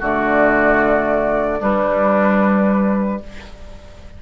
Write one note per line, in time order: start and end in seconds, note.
0.00 1.62 D3
0.00 1.59 A3
0.00 1.60 F#4
0.00 1.63 D5
1.59 3.19 G3
1.59 3.22 G3
1.59 3.20 D4
1.59 3.23 B4